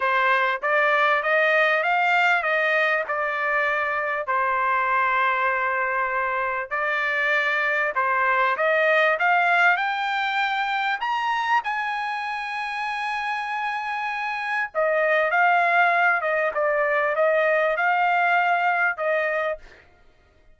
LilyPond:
\new Staff \with { instrumentName = "trumpet" } { \time 4/4 \tempo 4 = 98 c''4 d''4 dis''4 f''4 | dis''4 d''2 c''4~ | c''2. d''4~ | d''4 c''4 dis''4 f''4 |
g''2 ais''4 gis''4~ | gis''1 | dis''4 f''4. dis''8 d''4 | dis''4 f''2 dis''4 | }